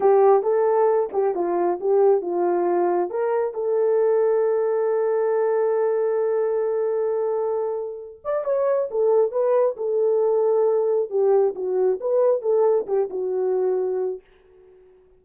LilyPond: \new Staff \with { instrumentName = "horn" } { \time 4/4 \tempo 4 = 135 g'4 a'4. g'8 f'4 | g'4 f'2 ais'4 | a'1~ | a'1~ |
a'2~ a'8 d''8 cis''4 | a'4 b'4 a'2~ | a'4 g'4 fis'4 b'4 | a'4 g'8 fis'2~ fis'8 | }